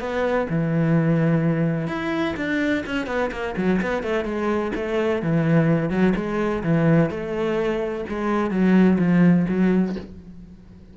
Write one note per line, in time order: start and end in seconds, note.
0.00 0.47 B3
0.50 1.88 E3
1.88 2.35 E4
2.37 2.84 D4
2.87 3.07 C#4
3.07 3.31 B3
3.32 3.55 A#3
3.58 3.81 F#3
3.82 4.03 B3
4.03 4.25 A3
4.25 4.72 G#3
4.76 5.22 A3
5.22 5.90 E3
5.90 6.14 F#3
6.16 6.63 G#3
6.64 7.11 E3
7.11 8.05 A3
8.09 8.51 G#3
8.51 8.98 F#3
8.99 9.46 F3
9.49 9.96 F#3